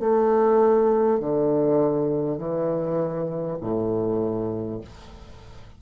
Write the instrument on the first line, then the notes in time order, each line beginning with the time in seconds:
bassoon
0.00 A3
1.20 D3
2.38 E3
3.61 A2